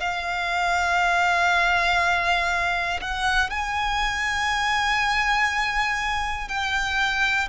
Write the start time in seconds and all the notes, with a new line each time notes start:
0.00 F5
3.00 F#5
3.50 G#5
6.48 G5